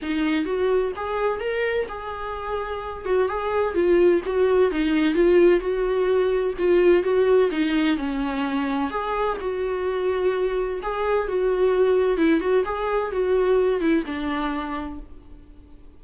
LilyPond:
\new Staff \with { instrumentName = "viola" } { \time 4/4 \tempo 4 = 128 dis'4 fis'4 gis'4 ais'4 | gis'2~ gis'8 fis'8 gis'4 | f'4 fis'4 dis'4 f'4 | fis'2 f'4 fis'4 |
dis'4 cis'2 gis'4 | fis'2. gis'4 | fis'2 e'8 fis'8 gis'4 | fis'4. e'8 d'2 | }